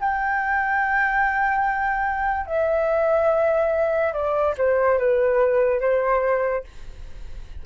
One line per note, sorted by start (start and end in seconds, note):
0.00 2.46 G5
2.46 4.13 E5
4.13 4.55 D5
4.58 4.98 C5
4.98 5.80 B4
5.80 6.64 C5